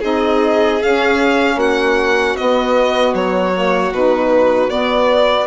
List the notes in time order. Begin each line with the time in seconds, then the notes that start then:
0.00 C4 D#4 G#4 D#5
0.82 C#4 F5
1.57 A#3 F#4 F#5
2.37 B3 D#5
3.14 F#3 C#5
3.54 A#3
3.92 B2 D#4 B4
4.69 B3 D5